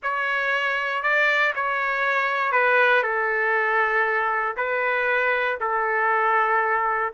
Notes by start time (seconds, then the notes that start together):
0.02 C#5
1.03 D5
1.55 C#5
2.52 B4
3.03 A4
4.56 B4
5.60 A4